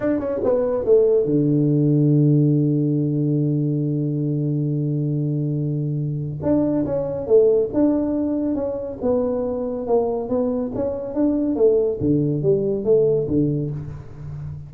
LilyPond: \new Staff \with { instrumentName = "tuba" } { \time 4/4 \tempo 4 = 140 d'8 cis'8 b4 a4 d4~ | d1~ | d1~ | d2. d'4 |
cis'4 a4 d'2 | cis'4 b2 ais4 | b4 cis'4 d'4 a4 | d4 g4 a4 d4 | }